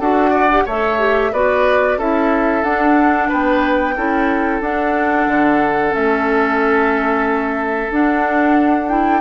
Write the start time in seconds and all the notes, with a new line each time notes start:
0.00 D4 F#4 A4 F#5
0.31 D5
0.51 G4
0.66 A3 A4 C#5 E5
0.99 G4
1.33 B3 F#4 B4 D5
1.98 C#4 E4 A4 E5
2.63 D4 F#5
3.29 B3 B4 G5
3.97 C#4 E4 A4
4.61 D4 F#5
5.28 D3
5.91 A3 C#4 E5
7.91 D4 F#5
8.89 E4 G5